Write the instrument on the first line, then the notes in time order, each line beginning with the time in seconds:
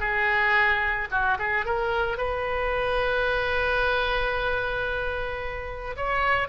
oboe
0.00 G#4
1.11 F#4
1.39 G#4
1.65 A#4
2.17 B4
5.97 C#5